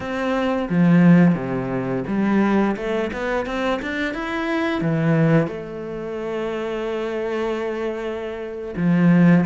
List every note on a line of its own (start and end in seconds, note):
0.00 0.68 C4
0.69 1.34 F3
1.34 2.03 C3
2.07 2.76 G3
2.76 3.10 A3
3.12 3.45 B3
3.45 3.80 C4
3.82 4.13 D4
4.13 4.81 E4
4.81 5.47 E3
5.47 8.75 A3
8.76 9.45 F3